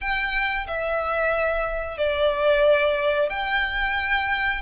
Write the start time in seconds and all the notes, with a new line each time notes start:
0.00 G5
0.67 E5
1.98 D5
3.29 G5